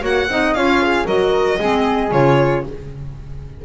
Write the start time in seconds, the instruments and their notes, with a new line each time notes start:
0.00 double bass A#3, clarinet F#4, flute C#5, violin F#5
0.28 double bass C4, clarinet D#4, flute D#5
0.54 double bass C#4, clarinet F4, flute C#5, violin F5
0.82 flute G#4
1.05 double bass F#3, clarinet F#4, flute A#4, violin D#5
1.59 double bass G#3, clarinet C4, flute G#4
2.11 double bass C#3, clarinet F4, violin C#5